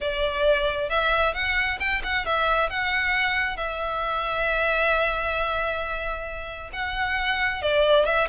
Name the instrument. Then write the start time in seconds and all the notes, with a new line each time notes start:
violin
0.00 D5
0.89 E5
1.34 F#5
1.79 G5
2.03 F#5
2.25 E5
2.69 F#5
3.57 E5
6.72 F#5
7.62 D5
8.05 E5